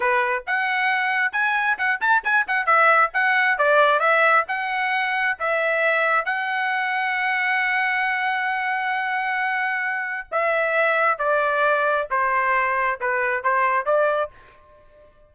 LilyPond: \new Staff \with { instrumentName = "trumpet" } { \time 4/4 \tempo 4 = 134 b'4 fis''2 gis''4 | fis''8 a''8 gis''8 fis''8 e''4 fis''4 | d''4 e''4 fis''2 | e''2 fis''2~ |
fis''1~ | fis''2. e''4~ | e''4 d''2 c''4~ | c''4 b'4 c''4 d''4 | }